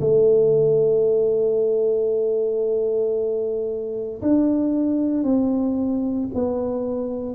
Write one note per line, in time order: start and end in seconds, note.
0.00 4.21 A3
4.22 5.23 D4
5.23 6.29 C4
6.34 7.35 B3